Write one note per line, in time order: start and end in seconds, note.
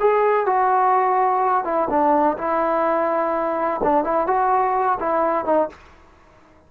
0.00 0.46 G#4
0.46 1.64 F#4
1.64 1.88 E4
1.90 2.37 D4
2.38 3.81 E4
3.83 4.04 D4
4.04 4.27 E4
4.27 4.98 F#4
5.00 5.45 E4
5.45 5.69 D#4